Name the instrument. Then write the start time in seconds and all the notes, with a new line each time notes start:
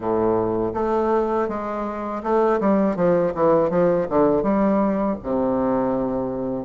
bassoon
0.00 A2
0.74 A3
1.48 G#3
2.23 A3
2.60 G3
2.96 F3
3.34 E3
3.70 F3
4.09 D3
4.42 G3
5.23 C3